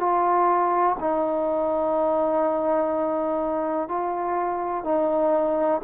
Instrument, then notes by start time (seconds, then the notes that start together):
trombone
0.00 F4
1.00 D#4
3.88 F4
4.84 D#4